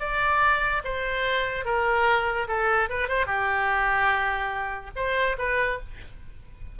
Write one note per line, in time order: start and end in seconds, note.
0.00 0.82 D5
0.84 1.65 C5
1.65 2.47 A#4
2.48 2.89 A4
2.89 3.08 B4
3.08 3.26 C5
3.26 4.91 G4
4.96 5.37 C5
5.38 5.79 B4